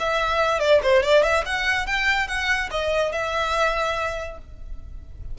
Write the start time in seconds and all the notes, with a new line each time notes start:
0.00 E5
0.60 D5
0.83 C5
1.03 D5
1.23 E5
1.46 F#5
1.87 G5
2.28 F#5
2.71 D#5
3.12 E5